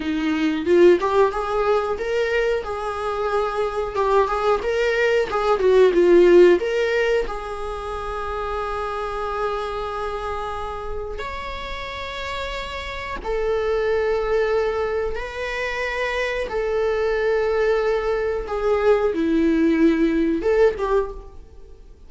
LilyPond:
\new Staff \with { instrumentName = "viola" } { \time 4/4 \tempo 4 = 91 dis'4 f'8 g'8 gis'4 ais'4 | gis'2 g'8 gis'8 ais'4 | gis'8 fis'8 f'4 ais'4 gis'4~ | gis'1~ |
gis'4 cis''2. | a'2. b'4~ | b'4 a'2. | gis'4 e'2 a'8 g'8 | }